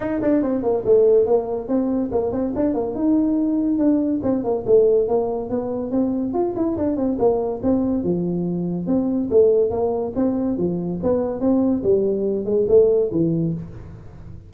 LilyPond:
\new Staff \with { instrumentName = "tuba" } { \time 4/4 \tempo 4 = 142 dis'8 d'8 c'8 ais8 a4 ais4 | c'4 ais8 c'8 d'8 ais8 dis'4~ | dis'4 d'4 c'8 ais8 a4 | ais4 b4 c'4 f'8 e'8 |
d'8 c'8 ais4 c'4 f4~ | f4 c'4 a4 ais4 | c'4 f4 b4 c'4 | g4. gis8 a4 e4 | }